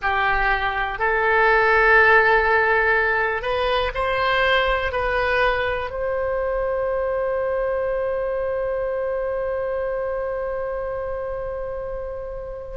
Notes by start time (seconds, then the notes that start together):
0.02 G4
0.98 A4
3.42 B4
3.94 C5
4.92 B4
5.90 C5